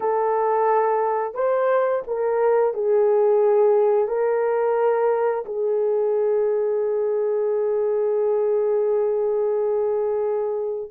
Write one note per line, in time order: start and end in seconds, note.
0.00 1.34 A4
1.34 2.02 C5
2.07 2.73 A#4
2.73 4.08 G#4
4.08 5.44 A#4
5.45 10.90 G#4